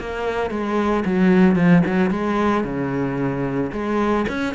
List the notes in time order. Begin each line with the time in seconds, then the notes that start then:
0.00 A#3
0.50 G#3
1.05 F#3
1.56 F3
1.86 F#3
2.10 G#3
2.64 C#3
3.72 G#3
4.28 C#4